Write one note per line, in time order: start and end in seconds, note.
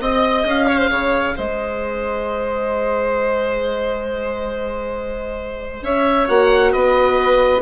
0.00 0.44 C4
0.00 6.28 G#4
0.00 0.67 D#5
0.00 0.47 D#5
0.44 0.89 C#4
0.44 1.37 F5
0.67 0.78 C#5
0.78 0.89 C5
0.90 1.34 C#3
0.90 1.35 C#5
1.36 5.81 G#3
1.36 5.83 C5
1.36 5.84 D#5
5.81 6.26 C#4
5.81 6.72 C#5
5.81 6.28 E5
6.28 6.73 A#3
6.28 7.61 F#4
6.28 6.72 F#5
6.72 7.61 B3
6.72 7.61 B4
6.72 7.61 D#5